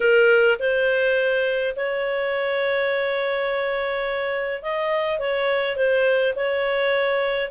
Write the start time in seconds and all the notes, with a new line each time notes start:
0.00 A#4
0.59 C5
1.76 C#5
4.62 D#5
5.19 C#5
5.76 C5
6.35 C#5